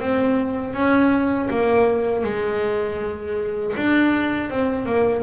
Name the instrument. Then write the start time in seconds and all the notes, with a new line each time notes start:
double bass
0.00 C4
0.74 C#4
1.50 A#3
2.24 G#3
3.76 D4
4.50 C4
4.85 A#3